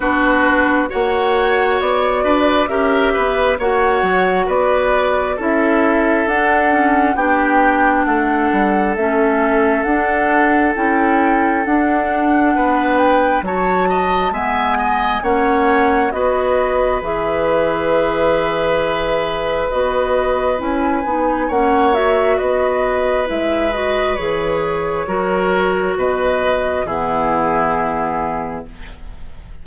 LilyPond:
<<
  \new Staff \with { instrumentName = "flute" } { \time 4/4 \tempo 4 = 67 b'4 fis''4 d''4 e''4 | fis''4 d''4 e''4 fis''4 | g''4 fis''4 e''4 fis''4 | g''4 fis''4. g''8 a''4 |
gis''4 fis''4 dis''4 e''4~ | e''2 dis''4 gis''4 | fis''8 e''8 dis''4 e''8 dis''8 cis''4~ | cis''4 dis''4 gis'2 | }
  \new Staff \with { instrumentName = "oboe" } { \time 4/4 fis'4 cis''4. b'8 ais'8 b'8 | cis''4 b'4 a'2 | g'4 a'2.~ | a'2 b'4 cis''8 dis''8 |
e''8 dis''8 cis''4 b'2~ | b'1 | cis''4 b'2. | ais'4 b'4 e'2 | }
  \new Staff \with { instrumentName = "clarinet" } { \time 4/4 d'4 fis'2 g'4 | fis'2 e'4 d'8 cis'8 | d'2 cis'4 d'4 | e'4 d'2 fis'4 |
b4 cis'4 fis'4 gis'4~ | gis'2 fis'4 e'8 dis'8 | cis'8 fis'4. e'8 fis'8 gis'4 | fis'2 b2 | }
  \new Staff \with { instrumentName = "bassoon" } { \time 4/4 b4 ais4 b8 d'8 cis'8 b8 | ais8 fis8 b4 cis'4 d'4 | b4 a8 g8 a4 d'4 | cis'4 d'4 b4 fis4 |
gis4 ais4 b4 e4~ | e2 b4 cis'8 b8 | ais4 b4 gis4 e4 | fis4 b,4 e2 | }
>>